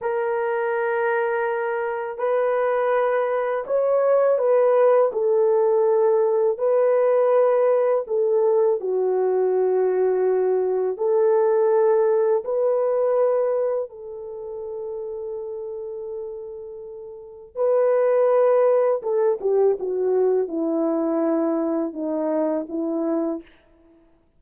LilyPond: \new Staff \with { instrumentName = "horn" } { \time 4/4 \tempo 4 = 82 ais'2. b'4~ | b'4 cis''4 b'4 a'4~ | a'4 b'2 a'4 | fis'2. a'4~ |
a'4 b'2 a'4~ | a'1 | b'2 a'8 g'8 fis'4 | e'2 dis'4 e'4 | }